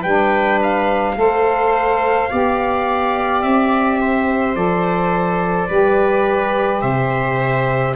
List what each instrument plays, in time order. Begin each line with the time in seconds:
0.00 tuba G3, saxophone D4, viola B4, trumpet G5
0.62 trumpet F5
1.16 tuba A3, saxophone A4, viola C5
2.30 tuba B3, saxophone G4, viola D5
3.42 tuba C4, trumpet E5
4.00 viola C5
4.55 tuba F3, saxophone A4, trumpet D5
5.68 tuba G3, saxophone G4, viola B4
6.81 tuba C3, viola C5, trumpet E5